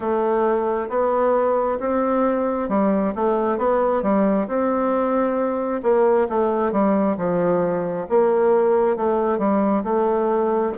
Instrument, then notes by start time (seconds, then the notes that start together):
bassoon
0.00 A3
0.89 B3
1.79 C4
2.69 G3
3.15 A3
3.57 B3
4.02 G3
4.47 C4
5.82 A#3
6.29 A3
6.72 G3
7.17 F3
8.09 A#3
8.96 A3
9.38 G3
9.83 A3